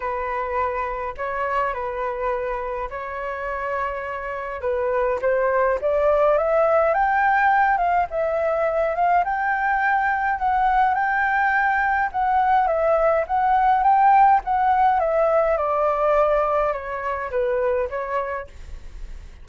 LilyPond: \new Staff \with { instrumentName = "flute" } { \time 4/4 \tempo 4 = 104 b'2 cis''4 b'4~ | b'4 cis''2. | b'4 c''4 d''4 e''4 | g''4. f''8 e''4. f''8 |
g''2 fis''4 g''4~ | g''4 fis''4 e''4 fis''4 | g''4 fis''4 e''4 d''4~ | d''4 cis''4 b'4 cis''4 | }